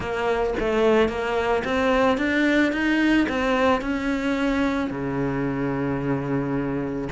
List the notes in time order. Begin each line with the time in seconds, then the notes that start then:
0.00 A#3
0.59 A3
1.08 A#3
1.64 C4
2.17 D4
2.72 D#4
3.29 C4
3.81 C#4
4.90 C#3